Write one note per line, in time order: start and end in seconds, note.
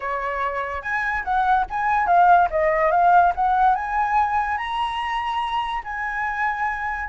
0.00 0.82 C#5
0.82 1.23 G#5
1.24 1.65 F#5
1.70 2.06 G#5
2.06 2.48 F5
2.50 2.91 D#5
2.91 3.33 F5
3.35 3.75 F#5
3.75 4.57 G#5
4.57 5.82 A#5
5.84 7.09 G#5